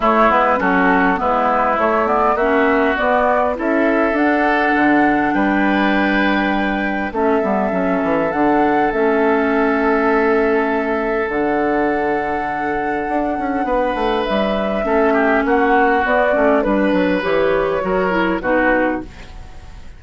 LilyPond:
<<
  \new Staff \with { instrumentName = "flute" } { \time 4/4 \tempo 4 = 101 cis''8 b'8 a'4 b'4 cis''8 d''8 | e''4 d''4 e''4 fis''4~ | fis''4 g''2. | e''2 fis''4 e''4~ |
e''2. fis''4~ | fis''1 | e''2 fis''4 d''4 | b'4 cis''2 b'4 | }
  \new Staff \with { instrumentName = "oboe" } { \time 4/4 e'4 fis'4 e'2 | fis'2 a'2~ | a'4 b'2. | a'1~ |
a'1~ | a'2. b'4~ | b'4 a'8 g'8 fis'2 | b'2 ais'4 fis'4 | }
  \new Staff \with { instrumentName = "clarinet" } { \time 4/4 a8 b8 cis'4 b4 a8 b8 | cis'4 b4 e'4 d'4~ | d'1 | cis'8 b8 cis'4 d'4 cis'4~ |
cis'2. d'4~ | d'1~ | d'4 cis'2 b8 cis'8 | d'4 g'4 fis'8 e'8 dis'4 | }
  \new Staff \with { instrumentName = "bassoon" } { \time 4/4 a8 gis8 fis4 gis4 a4 | ais4 b4 cis'4 d'4 | d4 g2. | a8 g8 fis8 e8 d4 a4~ |
a2. d4~ | d2 d'8 cis'8 b8 a8 | g4 a4 ais4 b8 a8 | g8 fis8 e4 fis4 b,4 | }
>>